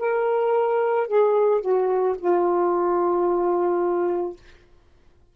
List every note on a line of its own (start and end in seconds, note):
0.00 1.08 A#4
1.08 1.61 G#4
1.61 2.16 F#4
2.18 4.36 F4